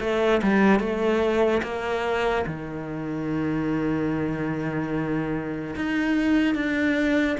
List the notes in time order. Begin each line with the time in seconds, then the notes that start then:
0.00 A3
0.43 G3
0.80 A3
1.63 A#3
2.46 D#3
5.75 D#4
6.55 D4